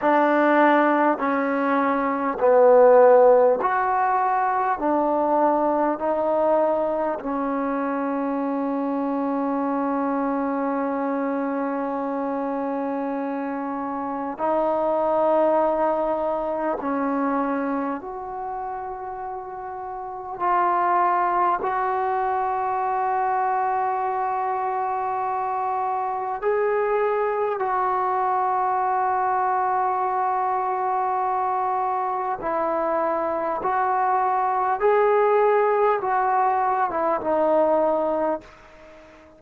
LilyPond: \new Staff \with { instrumentName = "trombone" } { \time 4/4 \tempo 4 = 50 d'4 cis'4 b4 fis'4 | d'4 dis'4 cis'2~ | cis'1 | dis'2 cis'4 fis'4~ |
fis'4 f'4 fis'2~ | fis'2 gis'4 fis'4~ | fis'2. e'4 | fis'4 gis'4 fis'8. e'16 dis'4 | }